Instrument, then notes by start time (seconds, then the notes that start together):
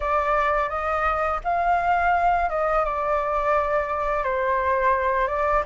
flute
0.00 D5
0.69 D#5
1.43 F5
2.49 D#5
2.84 D5
4.23 C5
5.27 D5